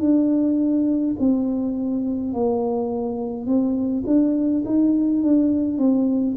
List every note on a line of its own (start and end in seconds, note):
0.00 1.15 D4
1.20 2.33 C4
2.33 3.46 A#3
3.46 4.03 C4
4.06 4.64 D4
4.65 5.23 D#4
5.23 5.78 D4
5.78 6.36 C4